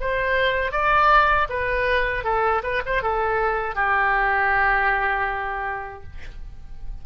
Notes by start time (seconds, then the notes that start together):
0.00 C5
0.71 D5
1.49 B4
2.24 A4
2.63 B4
2.86 C5
3.02 A4
3.75 G4